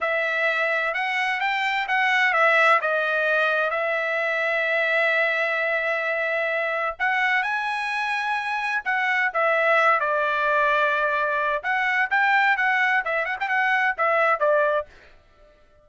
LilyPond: \new Staff \with { instrumentName = "trumpet" } { \time 4/4 \tempo 4 = 129 e''2 fis''4 g''4 | fis''4 e''4 dis''2 | e''1~ | e''2. fis''4 |
gis''2. fis''4 | e''4. d''2~ d''8~ | d''4 fis''4 g''4 fis''4 | e''8 fis''16 g''16 fis''4 e''4 d''4 | }